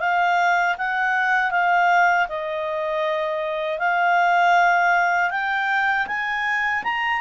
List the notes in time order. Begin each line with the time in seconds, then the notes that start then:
0.00 F5
0.78 F#5
1.51 F5
2.29 D#5
3.79 F5
5.31 G5
6.07 G#5
6.84 A#5